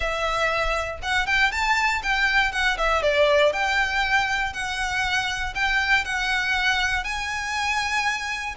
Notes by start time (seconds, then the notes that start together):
0.00 E5
1.02 F#5
1.26 G5
1.51 A5
2.03 G5
2.52 F#5
2.77 E5
3.02 D5
3.52 G5
4.53 F#5
5.55 G5
6.04 F#5
7.04 G#5